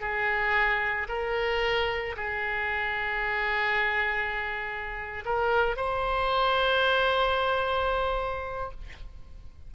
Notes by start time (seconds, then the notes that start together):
0.00 G#4
1.08 A#4
2.16 G#4
5.25 A#4
5.76 C5